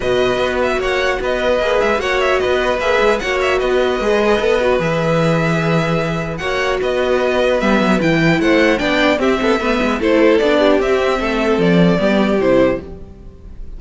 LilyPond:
<<
  \new Staff \with { instrumentName = "violin" } { \time 4/4 \tempo 4 = 150 dis''4. e''8 fis''4 dis''4~ | dis''8 e''8 fis''8 e''8 dis''4 e''4 | fis''8 e''8 dis''2. | e''1 |
fis''4 dis''2 e''4 | g''4 fis''4 g''4 e''4~ | e''4 c''4 d''4 e''4~ | e''4 d''2 c''4 | }
  \new Staff \with { instrumentName = "violin" } { \time 4/4 b'2 cis''4 b'4~ | b'4 cis''4 b'2 | cis''4 b'2.~ | b'1 |
cis''4 b'2.~ | b'4 c''4 d''4 g'8 a'8 | b'4 a'4. g'4. | a'2 g'2 | }
  \new Staff \with { instrumentName = "viola" } { \time 4/4 fis'1 | gis'4 fis'2 gis'4 | fis'2 gis'4 a'8 fis'8 | gis'1 |
fis'2. b4 | e'2 d'4 c'4 | b4 e'4 d'4 c'4~ | c'2 b4 e'4 | }
  \new Staff \with { instrumentName = "cello" } { \time 4/4 b,4 b4 ais4 b4 | ais8 gis8 ais4 b4 ais8 gis8 | ais4 b4 gis4 b4 | e1 |
ais4 b2 g8 fis8 | e4 a4 b4 c'8 b8 | a8 gis8 a4 b4 c'4 | a4 f4 g4 c4 | }
>>